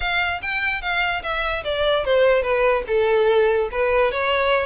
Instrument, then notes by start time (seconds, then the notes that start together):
violin
0.00 F5
0.42 G5
0.81 F5
1.22 E5
1.64 D5
2.04 C5
2.42 B4
2.87 A4
3.71 B4
4.11 C#5